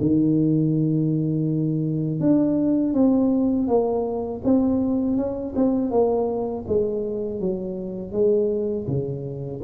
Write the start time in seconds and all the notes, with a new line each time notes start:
0.00 D#3
2.20 D4
2.93 C4
3.67 A#3
4.44 C4
5.16 C#4
5.55 C4
5.90 A#3
6.67 G#3
7.39 F#3
8.11 G#3
8.87 C#3